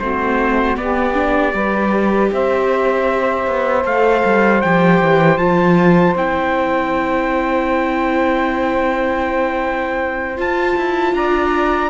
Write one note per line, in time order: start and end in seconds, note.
0.00 0.78 A3
0.00 0.77 C4
0.00 0.79 F#4
0.00 0.77 C5
0.77 1.15 B3
0.77 1.54 B3
0.77 1.55 G4
0.77 2.31 D5
1.15 1.52 D4
1.52 2.31 G3
1.52 3.83 G4
1.52 2.32 B4
2.32 3.47 C4
2.32 11.16 C5
2.32 3.86 E5
3.47 3.85 B3
3.84 4.24 A3
3.84 4.61 A4
3.84 4.62 F5
4.25 4.63 G3
4.62 5.02 F3
4.62 5.39 G4
4.62 5.38 G5
5.02 5.38 E3
5.38 6.15 F3
5.38 6.16 F4
5.38 6.15 A5
6.16 10.38 C4
6.16 10.37 E4
6.16 10.41 G5
10.37 11.91 F4
10.37 10.77 F4
10.37 11.15 A5
10.78 11.13 E4
11.13 11.90 D4
11.13 11.91 D5
11.13 11.91 A#5